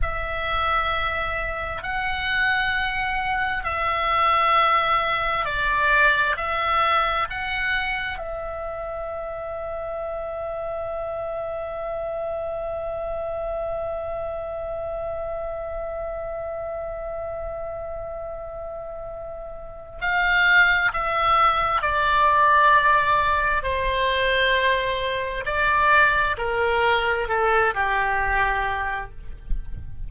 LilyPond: \new Staff \with { instrumentName = "oboe" } { \time 4/4 \tempo 4 = 66 e''2 fis''2 | e''2 d''4 e''4 | fis''4 e''2.~ | e''1~ |
e''1~ | e''2 f''4 e''4 | d''2 c''2 | d''4 ais'4 a'8 g'4. | }